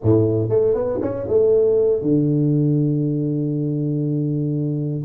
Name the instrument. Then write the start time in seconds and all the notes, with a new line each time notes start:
tuba
0.02 A2
0.49 A3
0.74 B3
1.01 C#4
1.27 A3
2.01 D3